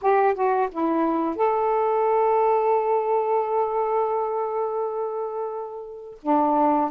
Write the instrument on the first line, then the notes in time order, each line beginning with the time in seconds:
saxophone
0.01 G4
0.34 F#4
0.71 E4
1.35 A4
6.22 D4